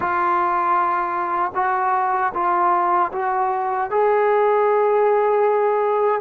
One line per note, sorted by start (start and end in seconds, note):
0.00 1.52 F4
1.54 2.32 F#4
2.33 3.11 F4
3.12 3.90 F#4
3.90 6.21 G#4